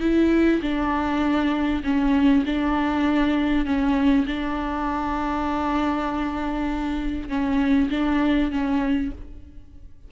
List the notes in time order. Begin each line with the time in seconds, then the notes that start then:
0.00 E4
0.62 D4
1.83 C#4
2.46 D4
3.65 C#4
4.27 D4
7.29 C#4
7.90 D4
8.51 C#4